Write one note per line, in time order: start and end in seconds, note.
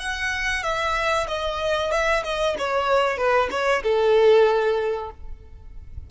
0.00 0.64 F#5
0.64 1.27 E5
1.28 1.92 D#5
1.92 2.24 E5
2.24 2.56 D#5
2.59 3.18 C#5
3.18 3.50 B4
3.51 3.83 C#5
3.83 5.11 A4